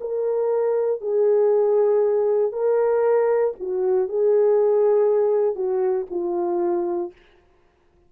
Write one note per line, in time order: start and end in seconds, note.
0.00 1.01 A#4
1.01 2.52 G#4
2.52 3.54 A#4
3.60 4.09 F#4
4.09 5.55 G#4
5.55 6.06 F#4
6.10 7.12 F4